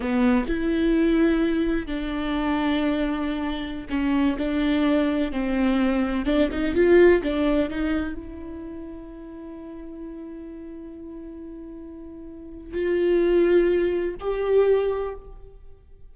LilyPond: \new Staff \with { instrumentName = "viola" } { \time 4/4 \tempo 4 = 127 b4 e'2. | d'1~ | d'16 cis'4 d'2 c'8.~ | c'4~ c'16 d'8 dis'8 f'4 d'8.~ |
d'16 dis'4 e'2~ e'8.~ | e'1~ | e'2. f'4~ | f'2 g'2 | }